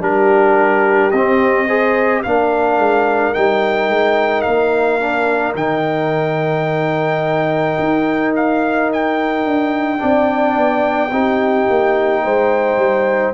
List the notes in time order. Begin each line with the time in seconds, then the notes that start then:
0.00 G3 D4 G4 A#4
1.11 C4 D#5
1.67 G#4 C5
2.23 A#3 D4 A#4 F5
2.77 G#3
3.34 G3 D#4 G5
3.88 G#3
4.42 A#3 F5
5.00 D4
5.55 D#3 D#4 G5
7.79 D#4
8.36 F5
8.93 G5
9.45 D4
9.98 C4 D4 D5
10.56 B3
11.11 C4 D#4 G4
11.69 A#3
12.23 G#3 C5
12.77 G3